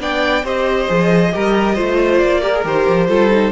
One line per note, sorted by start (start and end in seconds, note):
0.00 0.44 B3
0.00 0.44 D4
0.00 0.44 D5
0.00 0.46 G5
0.44 0.88 C4
0.44 0.89 G4
0.44 1.33 C5
0.44 2.19 D#5
0.89 1.34 F3
0.89 1.33 G#4
1.33 1.79 G3
1.33 1.77 G4
1.33 1.75 A#4
1.75 2.22 A3
1.75 2.42 F4
1.75 2.41 C5
2.19 2.65 A#3
2.19 2.63 D5
2.42 2.53 G4
2.42 3.08 A#4
2.54 2.65 G#4
2.65 2.87 D#3
2.65 3.09 G4
2.65 3.52 C5
2.89 3.09 F3
3.09 3.52 G3
3.09 3.31 F4
3.09 3.52 A4
3.31 3.52 D#4